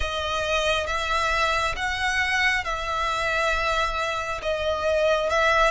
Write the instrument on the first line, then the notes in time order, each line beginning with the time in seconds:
violin
0.00 D#5
0.87 E5
1.76 F#5
2.64 E5
4.42 D#5
5.29 E5